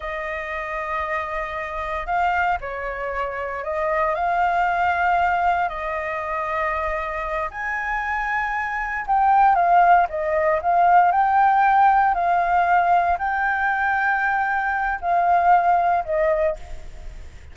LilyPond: \new Staff \with { instrumentName = "flute" } { \time 4/4 \tempo 4 = 116 dis''1 | f''4 cis''2 dis''4 | f''2. dis''4~ | dis''2~ dis''8 gis''4.~ |
gis''4. g''4 f''4 dis''8~ | dis''8 f''4 g''2 f''8~ | f''4. g''2~ g''8~ | g''4 f''2 dis''4 | }